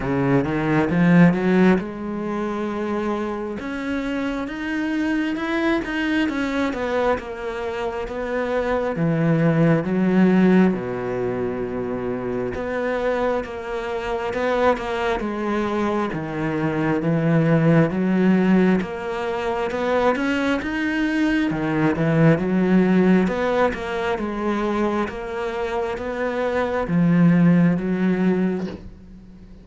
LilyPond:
\new Staff \with { instrumentName = "cello" } { \time 4/4 \tempo 4 = 67 cis8 dis8 f8 fis8 gis2 | cis'4 dis'4 e'8 dis'8 cis'8 b8 | ais4 b4 e4 fis4 | b,2 b4 ais4 |
b8 ais8 gis4 dis4 e4 | fis4 ais4 b8 cis'8 dis'4 | dis8 e8 fis4 b8 ais8 gis4 | ais4 b4 f4 fis4 | }